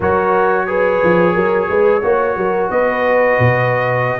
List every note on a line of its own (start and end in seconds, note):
0.00 1.01 F#3
0.00 0.67 F#4
0.00 0.66 A#4
0.00 2.70 C#5
0.67 2.02 G#4
0.67 1.33 B4
1.03 1.35 F3
1.33 1.69 F#3
1.33 1.67 A#4
1.68 2.03 G#3
1.68 2.02 B4
2.02 2.36 A#3
2.02 4.19 F#4
2.02 2.36 C#5
2.36 2.70 F#3
2.36 2.70 A#4
2.70 3.37 B3
2.70 4.19 B4
2.70 4.19 D#5
3.39 4.19 B2